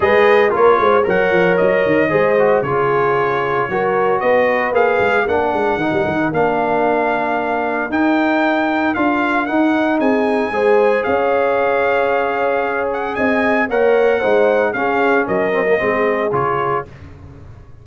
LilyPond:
<<
  \new Staff \with { instrumentName = "trumpet" } { \time 4/4 \tempo 4 = 114 dis''4 cis''4 fis''4 dis''4~ | dis''4 cis''2. | dis''4 f''4 fis''2 | f''2. g''4~ |
g''4 f''4 fis''4 gis''4~ | gis''4 f''2.~ | f''8 fis''8 gis''4 fis''2 | f''4 dis''2 cis''4 | }
  \new Staff \with { instrumentName = "horn" } { \time 4/4 b'4 ais'8 c''8 cis''2 | c''4 gis'2 ais'4 | b'2 ais'2~ | ais'1~ |
ais'2. gis'4 | c''4 cis''2.~ | cis''4 dis''4 cis''4 c''4 | gis'4 ais'4 gis'2 | }
  \new Staff \with { instrumentName = "trombone" } { \time 4/4 gis'4 f'4 ais'2 | gis'8 fis'8 f'2 fis'4~ | fis'4 gis'4 d'4 dis'4 | d'2. dis'4~ |
dis'4 f'4 dis'2 | gis'1~ | gis'2 ais'4 dis'4 | cis'4. c'16 ais16 c'4 f'4 | }
  \new Staff \with { instrumentName = "tuba" } { \time 4/4 gis4 ais8 gis8 fis8 f8 fis8 dis8 | gis4 cis2 fis4 | b4 ais8 gis8 ais8 gis8 dis16 g16 dis8 | ais2. dis'4~ |
dis'4 d'4 dis'4 c'4 | gis4 cis'2.~ | cis'4 c'4 ais4 gis4 | cis'4 fis4 gis4 cis4 | }
>>